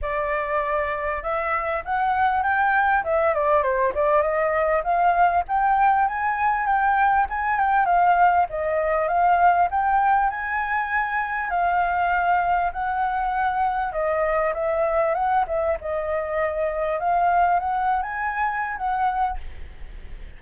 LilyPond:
\new Staff \with { instrumentName = "flute" } { \time 4/4 \tempo 4 = 99 d''2 e''4 fis''4 | g''4 e''8 d''8 c''8 d''8 dis''4 | f''4 g''4 gis''4 g''4 | gis''8 g''8 f''4 dis''4 f''4 |
g''4 gis''2 f''4~ | f''4 fis''2 dis''4 | e''4 fis''8 e''8 dis''2 | f''4 fis''8. gis''4~ gis''16 fis''4 | }